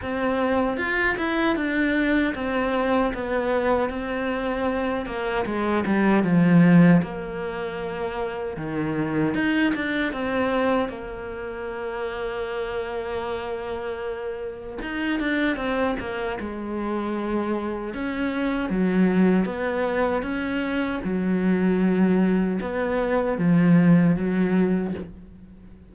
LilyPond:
\new Staff \with { instrumentName = "cello" } { \time 4/4 \tempo 4 = 77 c'4 f'8 e'8 d'4 c'4 | b4 c'4. ais8 gis8 g8 | f4 ais2 dis4 | dis'8 d'8 c'4 ais2~ |
ais2. dis'8 d'8 | c'8 ais8 gis2 cis'4 | fis4 b4 cis'4 fis4~ | fis4 b4 f4 fis4 | }